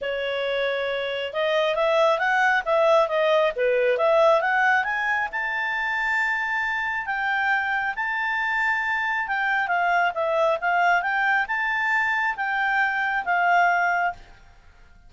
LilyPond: \new Staff \with { instrumentName = "clarinet" } { \time 4/4 \tempo 4 = 136 cis''2. dis''4 | e''4 fis''4 e''4 dis''4 | b'4 e''4 fis''4 gis''4 | a''1 |
g''2 a''2~ | a''4 g''4 f''4 e''4 | f''4 g''4 a''2 | g''2 f''2 | }